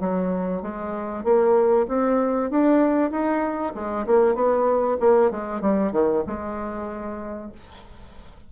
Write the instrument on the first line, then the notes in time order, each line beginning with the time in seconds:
bassoon
0.00 F#3
0.62 G#3
1.24 A#3
1.88 C4
2.50 D4
3.11 D#4
3.75 G#3
4.06 A#3
4.35 B3
5.00 A#3
5.31 G#3
5.61 G3
5.92 D#3
6.26 G#3